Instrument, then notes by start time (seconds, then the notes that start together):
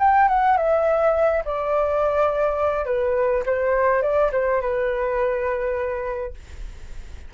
flute
0.00 G5
0.29 F#5
0.57 E5
1.46 D5
2.86 B4
3.46 C5
4.03 D5
4.33 C5
4.61 B4